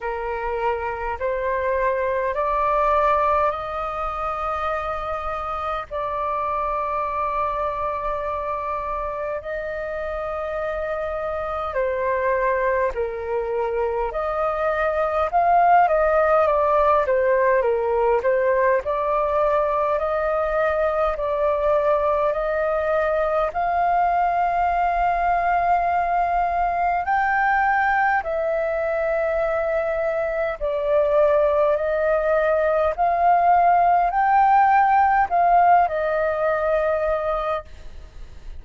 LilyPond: \new Staff \with { instrumentName = "flute" } { \time 4/4 \tempo 4 = 51 ais'4 c''4 d''4 dis''4~ | dis''4 d''2. | dis''2 c''4 ais'4 | dis''4 f''8 dis''8 d''8 c''8 ais'8 c''8 |
d''4 dis''4 d''4 dis''4 | f''2. g''4 | e''2 d''4 dis''4 | f''4 g''4 f''8 dis''4. | }